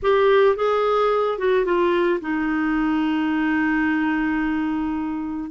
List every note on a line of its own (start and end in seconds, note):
0.02 0.56 G4
0.56 1.38 G#4
1.38 1.65 F#4
1.65 2.20 F4
2.20 5.50 D#4